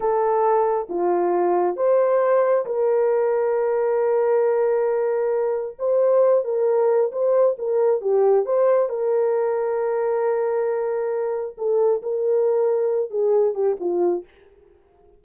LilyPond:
\new Staff \with { instrumentName = "horn" } { \time 4/4 \tempo 4 = 135 a'2 f'2 | c''2 ais'2~ | ais'1~ | ais'4 c''4. ais'4. |
c''4 ais'4 g'4 c''4 | ais'1~ | ais'2 a'4 ais'4~ | ais'4. gis'4 g'8 f'4 | }